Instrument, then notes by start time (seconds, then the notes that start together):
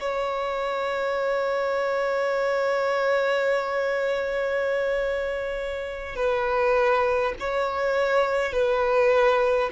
violin
0.00 C#5
6.16 B4
7.40 C#5
8.52 B4